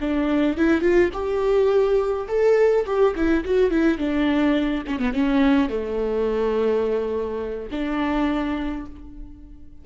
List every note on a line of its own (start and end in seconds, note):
0.00 0.57 D4
0.57 0.81 E4
0.81 1.10 F4
1.13 2.27 G4
2.28 2.85 A4
2.86 3.14 G4
3.15 3.44 E4
3.44 3.70 F#4
3.70 3.98 E4
3.98 4.83 D4
4.86 4.99 C#4
4.99 5.13 B3
5.13 5.69 C#4
5.69 7.69 A3
7.71 8.85 D4